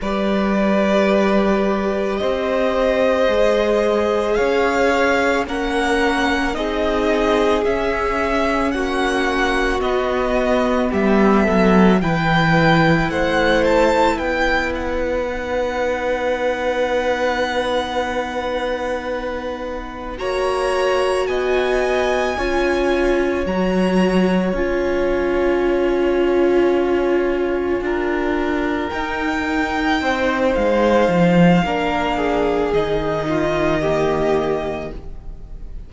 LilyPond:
<<
  \new Staff \with { instrumentName = "violin" } { \time 4/4 \tempo 4 = 55 d''2 dis''2 | f''4 fis''4 dis''4 e''4 | fis''4 dis''4 e''4 g''4 | fis''8 a''8 g''8 fis''2~ fis''8~ |
fis''2~ fis''8 ais''4 gis''8~ | gis''4. ais''4 gis''4.~ | gis''2~ gis''8 g''4. | f''2 dis''2 | }
  \new Staff \with { instrumentName = "violin" } { \time 4/4 b'2 c''2 | cis''4 ais'4 gis'2 | fis'2 g'8 a'8 b'4 | c''4 b'2.~ |
b'2~ b'8 cis''4 dis''8~ | dis''8 cis''2.~ cis''8~ | cis''4. ais'2 c''8~ | c''4 ais'8 gis'4 f'8 g'4 | }
  \new Staff \with { instrumentName = "viola" } { \time 4/4 g'2. gis'4~ | gis'4 cis'4 dis'4 cis'4~ | cis'4 b2 e'4~ | e'2 dis'2~ |
dis'2~ dis'8 fis'4.~ | fis'8 f'4 fis'4 f'4.~ | f'2~ f'8 dis'4.~ | dis'4 d'4 dis'4 ais4 | }
  \new Staff \with { instrumentName = "cello" } { \time 4/4 g2 c'4 gis4 | cis'4 ais4 c'4 cis'4 | ais4 b4 g8 fis8 e4 | a4 b2.~ |
b2~ b8 ais4 b8~ | b8 cis'4 fis4 cis'4.~ | cis'4. d'4 dis'4 c'8 | gis8 f8 ais4 dis2 | }
>>